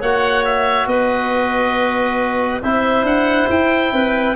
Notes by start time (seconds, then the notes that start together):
0.00 A#3 F#4 C#5 F#5
0.45 E5
0.86 B3 B4 D#5
2.62 C4 E4 C5 E5
3.03 D4 F#5
3.49 E4 G5
3.92 C4 B4